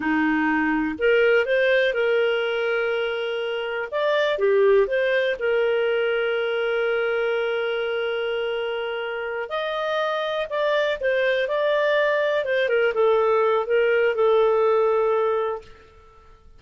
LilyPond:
\new Staff \with { instrumentName = "clarinet" } { \time 4/4 \tempo 4 = 123 dis'2 ais'4 c''4 | ais'1 | d''4 g'4 c''4 ais'4~ | ais'1~ |
ais'2.~ ais'8 dis''8~ | dis''4. d''4 c''4 d''8~ | d''4. c''8 ais'8 a'4. | ais'4 a'2. | }